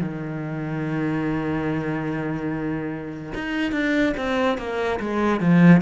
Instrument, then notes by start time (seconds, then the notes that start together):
cello
0.00 D#3
3.34 D#4
3.72 D4
4.17 C4
4.58 A#3
5.00 G#3
5.41 F3